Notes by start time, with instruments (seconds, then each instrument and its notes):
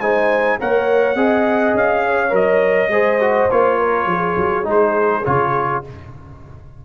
0.00 tuba G#3, trombone D#4, horn C5, trumpet G#5
0.60 tuba A#3, trombone A#4, horn C#5, trumpet F#5
1.15 tuba C4, trombone G#4, horn D#5
1.74 tuba C#4, trumpet F5
2.06 horn C#5
2.30 tuba F#3, trombone A#4, trumpet D#5
2.89 tuba G#3, trombone G#4, horn C5
3.21 trombone F#4
3.51 tuba A#3, trombone F4, trumpet C#5
3.79 horn A#4
4.06 tuba F3, horn G#4
4.37 tuba F#3
4.64 tuba G#3, trombone D#4
4.71 trumpet C5
5.25 tuba C#3, trombone F4, trumpet C#5